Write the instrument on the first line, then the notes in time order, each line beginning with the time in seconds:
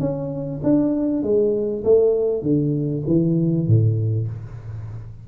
tuba
0.00 C#4
0.63 D4
1.23 G#3
1.84 A3
2.42 D3
3.07 E3
3.67 A2